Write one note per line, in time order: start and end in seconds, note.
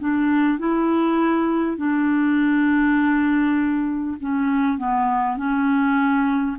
0.00 0.59 D4
0.59 1.78 E4
1.78 4.18 D4
4.21 4.78 C#4
4.78 5.37 B3
5.37 6.57 C#4